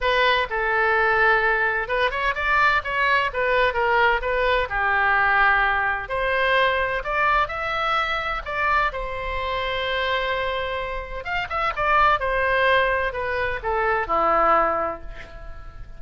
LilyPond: \new Staff \with { instrumentName = "oboe" } { \time 4/4 \tempo 4 = 128 b'4 a'2. | b'8 cis''8 d''4 cis''4 b'4 | ais'4 b'4 g'2~ | g'4 c''2 d''4 |
e''2 d''4 c''4~ | c''1 | f''8 e''8 d''4 c''2 | b'4 a'4 e'2 | }